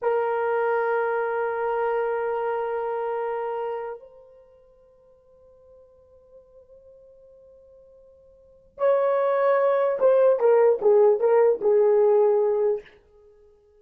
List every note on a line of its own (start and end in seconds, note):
0.01 3.99 A#4
3.99 8.78 C5
8.78 9.98 C#5
9.99 10.39 C5
10.39 10.79 A#4
10.81 11.20 G#4
11.20 11.60 A#4
11.61 12.81 G#4